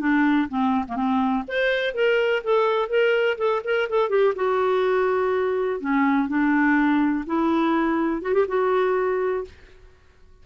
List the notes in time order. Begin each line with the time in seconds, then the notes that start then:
0.00 D4
0.49 C4
0.88 A#3
0.96 C4
1.48 C5
1.95 A#4
2.44 A4
2.89 A#4
3.38 A4
3.65 A#4
3.90 A4
4.10 G4
4.36 F#4
5.81 C#4
6.29 D4
7.27 E4
8.22 F#4
8.34 G4
8.48 F#4